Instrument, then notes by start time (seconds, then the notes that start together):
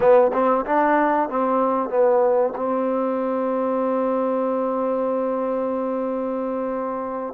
trombone
0.00 B3
0.33 C4
0.65 D4
1.29 C4
1.89 B3
2.56 C4